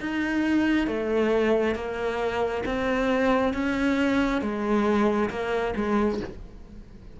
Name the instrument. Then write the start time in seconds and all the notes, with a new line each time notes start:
cello
0.00 D#4
0.87 A3
1.75 A#3
2.65 C4
3.53 C#4
4.41 G#3
5.29 A#3
5.76 G#3